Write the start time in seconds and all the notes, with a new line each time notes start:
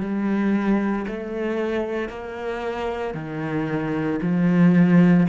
0.00 G3
1.07 A3
2.09 A#3
3.14 D#3
4.21 F3